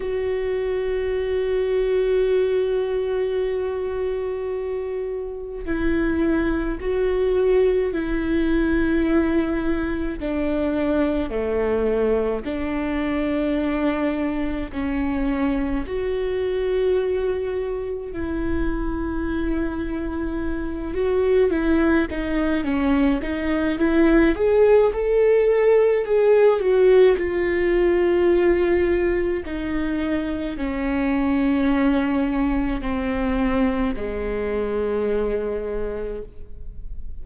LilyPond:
\new Staff \with { instrumentName = "viola" } { \time 4/4 \tempo 4 = 53 fis'1~ | fis'4 e'4 fis'4 e'4~ | e'4 d'4 a4 d'4~ | d'4 cis'4 fis'2 |
e'2~ e'8 fis'8 e'8 dis'8 | cis'8 dis'8 e'8 gis'8 a'4 gis'8 fis'8 | f'2 dis'4 cis'4~ | cis'4 c'4 gis2 | }